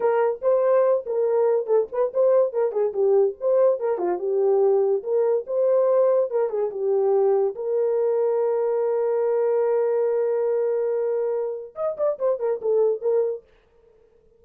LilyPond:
\new Staff \with { instrumentName = "horn" } { \time 4/4 \tempo 4 = 143 ais'4 c''4. ais'4. | a'8 b'8 c''4 ais'8 gis'8 g'4 | c''4 ais'8 f'8 g'2 | ais'4 c''2 ais'8 gis'8 |
g'2 ais'2~ | ais'1~ | ais'1 | dis''8 d''8 c''8 ais'8 a'4 ais'4 | }